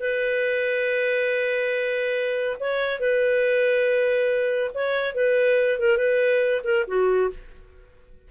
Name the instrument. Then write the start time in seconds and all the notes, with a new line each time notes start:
clarinet
0.00 B4
2.60 C#5
3.00 B4
4.74 C#5
5.14 B4
5.79 A#4
5.97 B4
6.64 A#4
6.87 F#4